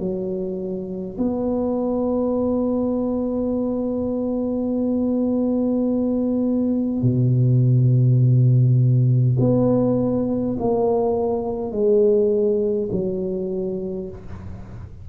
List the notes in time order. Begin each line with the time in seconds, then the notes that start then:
0.00 F#3
1.18 B3
7.03 B2
9.40 B3
10.60 A#3
11.72 G#3
12.92 F#3